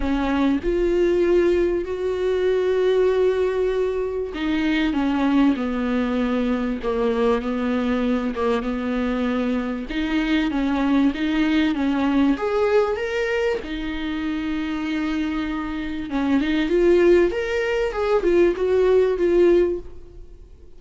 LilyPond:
\new Staff \with { instrumentName = "viola" } { \time 4/4 \tempo 4 = 97 cis'4 f'2 fis'4~ | fis'2. dis'4 | cis'4 b2 ais4 | b4. ais8 b2 |
dis'4 cis'4 dis'4 cis'4 | gis'4 ais'4 dis'2~ | dis'2 cis'8 dis'8 f'4 | ais'4 gis'8 f'8 fis'4 f'4 | }